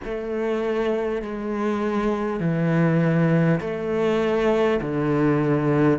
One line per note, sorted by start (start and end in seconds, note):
0.04 1.22 A3
1.22 2.40 G#3
2.40 3.60 E3
3.60 4.80 A3
4.81 5.98 D3